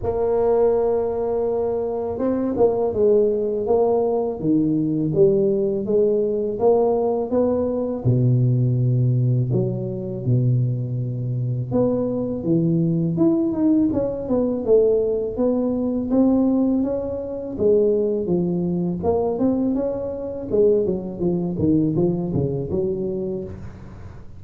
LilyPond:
\new Staff \with { instrumentName = "tuba" } { \time 4/4 \tempo 4 = 82 ais2. c'8 ais8 | gis4 ais4 dis4 g4 | gis4 ais4 b4 b,4~ | b,4 fis4 b,2 |
b4 e4 e'8 dis'8 cis'8 b8 | a4 b4 c'4 cis'4 | gis4 f4 ais8 c'8 cis'4 | gis8 fis8 f8 dis8 f8 cis8 fis4 | }